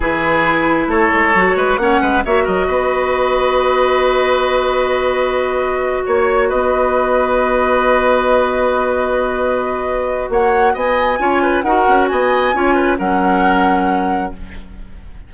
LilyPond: <<
  \new Staff \with { instrumentName = "flute" } { \time 4/4 \tempo 4 = 134 b'2 cis''2 | fis''4 e''8 dis''2~ dis''8~ | dis''1~ | dis''4. cis''4 dis''4.~ |
dis''1~ | dis''2. fis''4 | gis''2 fis''4 gis''4~ | gis''4 fis''2. | }
  \new Staff \with { instrumentName = "oboe" } { \time 4/4 gis'2 a'4. b'8 | cis''8 b'8 cis''8 ais'8 b'2~ | b'1~ | b'4. cis''4 b'4.~ |
b'1~ | b'2. cis''4 | dis''4 cis''8 b'8 ais'4 dis''4 | cis''8 b'8 ais'2. | }
  \new Staff \with { instrumentName = "clarinet" } { \time 4/4 e'2. fis'4 | cis'4 fis'2.~ | fis'1~ | fis'1~ |
fis'1~ | fis'1~ | fis'4 f'4 fis'2 | f'4 cis'2. | }
  \new Staff \with { instrumentName = "bassoon" } { \time 4/4 e2 a8 gis8 fis8 gis8 | ais8 gis8 ais8 fis8 b2~ | b1~ | b4. ais4 b4.~ |
b1~ | b2. ais4 | b4 cis'4 dis'8 cis'8 b4 | cis'4 fis2. | }
>>